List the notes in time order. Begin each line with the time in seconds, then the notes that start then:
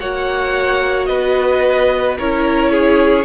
0.00 A#3 F#4 C#5 F#5
1.06 B3 B4 D#5
2.18 C#4 E4 A#4 C#5
2.72 G#4